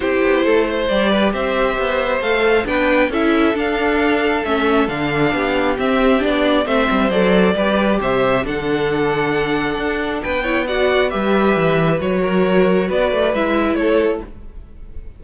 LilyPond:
<<
  \new Staff \with { instrumentName = "violin" } { \time 4/4 \tempo 4 = 135 c''2 d''4 e''4~ | e''4 f''4 g''4 e''4 | f''2 e''4 f''4~ | f''4 e''4 d''4 e''4 |
d''2 e''4 fis''4~ | fis''2. g''4 | fis''4 e''2 cis''4~ | cis''4 d''4 e''4 cis''4 | }
  \new Staff \with { instrumentName = "violin" } { \time 4/4 g'4 a'8 c''4 b'8 c''4~ | c''2 b'4 a'4~ | a'1 | g'2. c''4~ |
c''4 b'4 c''4 a'4~ | a'2. b'8 cis''8 | d''4 b'2~ b'8 ais'8~ | ais'4 b'2 a'4 | }
  \new Staff \with { instrumentName = "viola" } { \time 4/4 e'2 g'2~ | g'4 a'4 d'4 e'4 | d'2 cis'4 d'4~ | d'4 c'4 d'4 c'4 |
a'4 g'2 d'4~ | d'2.~ d'8 e'8 | fis'4 g'2 fis'4~ | fis'2 e'2 | }
  \new Staff \with { instrumentName = "cello" } { \time 4/4 c'8 b8 a4 g4 c'4 | b4 a4 b4 cis'4 | d'2 a4 d4 | b4 c'4 b4 a8 g8 |
fis4 g4 c4 d4~ | d2 d'4 b4~ | b4 g4 e4 fis4~ | fis4 b8 a8 gis4 a4 | }
>>